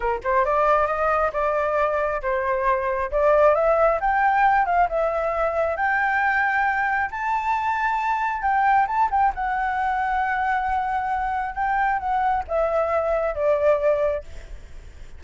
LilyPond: \new Staff \with { instrumentName = "flute" } { \time 4/4 \tempo 4 = 135 ais'8 c''8 d''4 dis''4 d''4~ | d''4 c''2 d''4 | e''4 g''4. f''8 e''4~ | e''4 g''2. |
a''2. g''4 | a''8 g''8 fis''2.~ | fis''2 g''4 fis''4 | e''2 d''2 | }